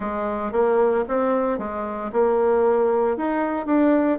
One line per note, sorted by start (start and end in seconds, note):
0.00 0.52 G#3
0.52 1.04 A#3
1.08 1.58 C4
1.58 2.11 G#3
2.12 3.16 A#3
3.16 3.66 D#4
3.66 4.18 D4